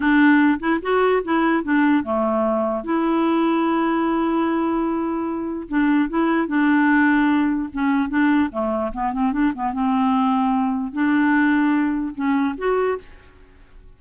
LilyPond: \new Staff \with { instrumentName = "clarinet" } { \time 4/4 \tempo 4 = 148 d'4. e'8 fis'4 e'4 | d'4 a2 e'4~ | e'1~ | e'2 d'4 e'4 |
d'2. cis'4 | d'4 a4 b8 c'8 d'8 b8 | c'2. d'4~ | d'2 cis'4 fis'4 | }